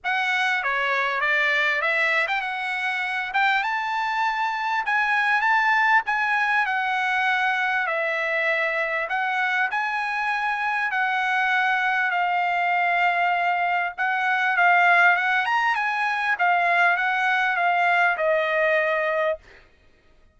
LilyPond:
\new Staff \with { instrumentName = "trumpet" } { \time 4/4 \tempo 4 = 99 fis''4 cis''4 d''4 e''8. g''16 | fis''4. g''8 a''2 | gis''4 a''4 gis''4 fis''4~ | fis''4 e''2 fis''4 |
gis''2 fis''2 | f''2. fis''4 | f''4 fis''8 ais''8 gis''4 f''4 | fis''4 f''4 dis''2 | }